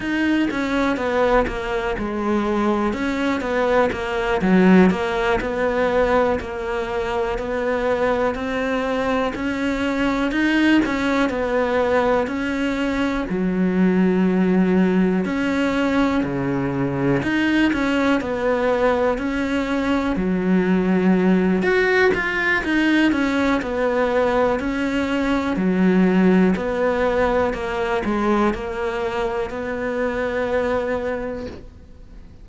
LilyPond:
\new Staff \with { instrumentName = "cello" } { \time 4/4 \tempo 4 = 61 dis'8 cis'8 b8 ais8 gis4 cis'8 b8 | ais8 fis8 ais8 b4 ais4 b8~ | b8 c'4 cis'4 dis'8 cis'8 b8~ | b8 cis'4 fis2 cis'8~ |
cis'8 cis4 dis'8 cis'8 b4 cis'8~ | cis'8 fis4. fis'8 f'8 dis'8 cis'8 | b4 cis'4 fis4 b4 | ais8 gis8 ais4 b2 | }